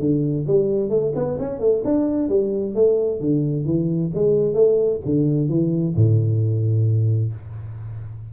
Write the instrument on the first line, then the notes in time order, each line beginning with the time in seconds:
tuba
0.00 D3
0.48 G3
0.90 A3
1.15 B3
1.40 C#4
1.60 A3
1.85 D4
2.29 G3
2.75 A3
3.21 D3
3.66 E3
4.15 G#3
4.54 A3
5.06 D3
5.49 E3
5.96 A2